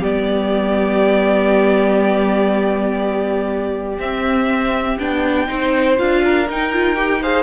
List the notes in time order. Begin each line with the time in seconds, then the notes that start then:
0.00 G3 B3 G4 D5
3.98 C4 E5
4.98 B3 D4 G5
5.47 C4 D#4 C5
5.97 D4 F4 F5
6.24 A#4
6.49 D#4 G5
6.73 F4
6.96 G4
7.22 G#4 C5 F5